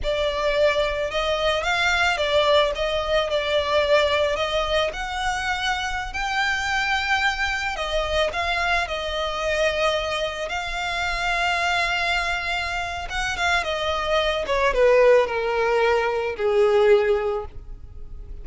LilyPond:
\new Staff \with { instrumentName = "violin" } { \time 4/4 \tempo 4 = 110 d''2 dis''4 f''4 | d''4 dis''4 d''2 | dis''4 fis''2~ fis''16 g''8.~ | g''2~ g''16 dis''4 f''8.~ |
f''16 dis''2. f''8.~ | f''1 | fis''8 f''8 dis''4. cis''8 b'4 | ais'2 gis'2 | }